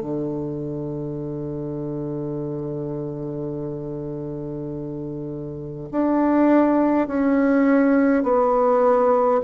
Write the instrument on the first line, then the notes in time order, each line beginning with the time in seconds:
bassoon
0.00 D3
5.91 D4
7.07 C#4
8.23 B3